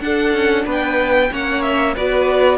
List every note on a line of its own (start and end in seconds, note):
0.00 1.29 D4
0.00 0.33 D4
0.00 0.65 A4
0.00 0.65 F#5
0.33 0.65 C#4
0.65 1.30 B3
0.65 1.30 B4
0.65 1.33 G5
1.31 1.96 A#3
1.31 1.95 C#4
1.31 1.94 C#5
1.31 1.62 F#5
1.62 1.94 E5
1.94 2.57 B3
1.94 2.57 F#4
1.94 2.57 B4
1.94 2.57 D5